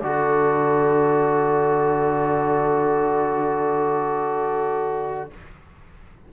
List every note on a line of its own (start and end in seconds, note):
0.00 5.29 D3
0.00 5.30 F#4
0.00 5.32 A4
0.00 5.27 D5